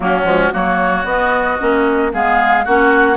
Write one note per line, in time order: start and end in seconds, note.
0.00 0.24 F#3
0.00 0.23 A#3
0.00 0.52 C#4
0.00 0.53 F#4
0.24 0.51 F3
0.24 0.50 G#3
0.52 1.04 F#3
0.52 1.05 A#3
0.52 2.12 F#4
0.52 1.06 C#5
1.04 1.57 B3
1.04 1.59 B3
1.04 2.12 D#5
1.59 2.13 A#3
1.59 2.12 C#4
2.13 2.66 G#3
2.13 2.66 B3
2.13 2.64 G#4
2.13 2.64 F5
2.64 3.16 A#3
2.64 3.16 C#4
2.64 3.16 F#4
2.64 3.16 F#5